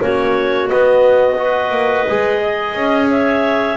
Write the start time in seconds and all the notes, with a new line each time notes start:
0.00 A#3 C#4 F#4 C#5
0.68 B3 D#5
1.38 F#4 B4
1.71 A#3
2.08 G#3 G#4
2.41 D#5
2.75 C#4
3.10 C#5 E5